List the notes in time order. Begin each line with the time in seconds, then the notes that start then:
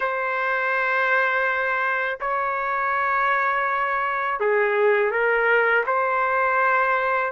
0.00 C5
2.20 C#5
4.39 G#4
5.11 A#4
5.86 C5